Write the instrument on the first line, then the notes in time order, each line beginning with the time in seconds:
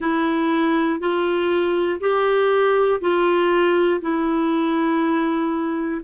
clarinet
0.00 E4
1.00 F4
2.00 G4
3.00 F4
4.01 E4